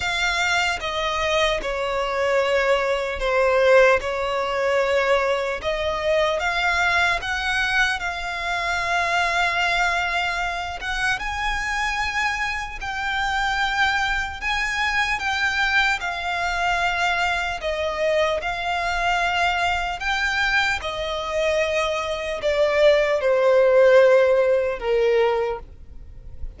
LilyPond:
\new Staff \with { instrumentName = "violin" } { \time 4/4 \tempo 4 = 75 f''4 dis''4 cis''2 | c''4 cis''2 dis''4 | f''4 fis''4 f''2~ | f''4. fis''8 gis''2 |
g''2 gis''4 g''4 | f''2 dis''4 f''4~ | f''4 g''4 dis''2 | d''4 c''2 ais'4 | }